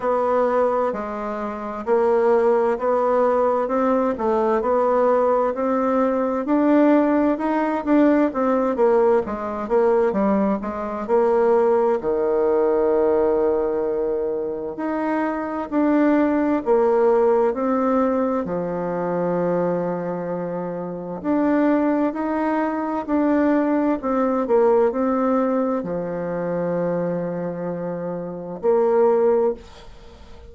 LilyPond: \new Staff \with { instrumentName = "bassoon" } { \time 4/4 \tempo 4 = 65 b4 gis4 ais4 b4 | c'8 a8 b4 c'4 d'4 | dis'8 d'8 c'8 ais8 gis8 ais8 g8 gis8 | ais4 dis2. |
dis'4 d'4 ais4 c'4 | f2. d'4 | dis'4 d'4 c'8 ais8 c'4 | f2. ais4 | }